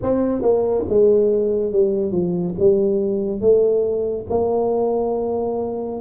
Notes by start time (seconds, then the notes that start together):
0.02 C4
0.41 A#3
0.88 G#3
1.72 G3
2.11 F3
2.59 G3
3.41 A3
4.29 A#3